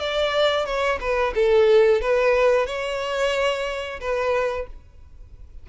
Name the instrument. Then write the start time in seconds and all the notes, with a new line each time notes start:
violin
0.00 D5
0.66 C#5
1.01 B4
1.35 A4
2.02 B4
2.67 C#5
4.01 B4